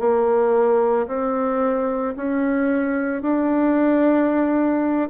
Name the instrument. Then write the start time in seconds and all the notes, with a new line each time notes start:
bassoon
0.00 A#3
1.08 C4
2.17 C#4
3.22 D4